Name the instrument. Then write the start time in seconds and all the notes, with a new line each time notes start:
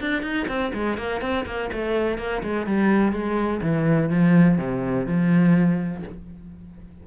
cello
0.00 D4
0.22 D#4
0.48 C4
0.74 G#3
0.97 A#3
1.21 C4
1.46 A#3
1.72 A3
2.18 A#3
2.43 G#3
2.66 G3
3.12 G#3
3.62 E3
4.10 F3
4.58 C3
5.07 F3